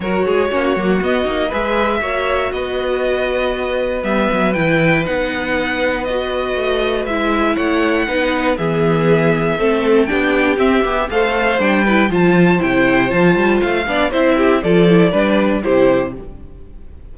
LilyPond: <<
  \new Staff \with { instrumentName = "violin" } { \time 4/4 \tempo 4 = 119 cis''2 dis''4 e''4~ | e''4 dis''2. | e''4 g''4 fis''2 | dis''2 e''4 fis''4~ |
fis''4 e''2. | g''4 e''4 f''4 g''4 | a''4 g''4 a''4 f''4 | e''4 d''2 c''4 | }
  \new Staff \with { instrumentName = "violin" } { \time 4/4 ais'8 gis'8 fis'2 b'4 | cis''4 b'2.~ | b'1~ | b'2. cis''4 |
b'4 gis'2 a'4 | g'2 c''4. b'8 | c''2.~ c''8 d''8 | c''8 g'8 a'4 b'4 g'4 | }
  \new Staff \with { instrumentName = "viola" } { \time 4/4 fis'4 cis'8 ais8 b8 dis'8 gis'4 | fis'1 | b4 e'4 dis'2 | fis'2 e'2 |
dis'4 b2 c'4 | d'4 c'8 g'8 a'4 d'8 e'8 | f'4 e'4 f'4. d'8 | e'4 f'8 e'8 d'4 e'4 | }
  \new Staff \with { instrumentName = "cello" } { \time 4/4 fis8 gis8 ais8 fis8 b8 ais8 gis4 | ais4 b2. | g8 fis8 e4 b2~ | b4 a4 gis4 a4 |
b4 e2 a4 | b4 c'8 b8 a4 g4 | f4 c4 f8 g8 a8 b8 | c'4 f4 g4 c4 | }
>>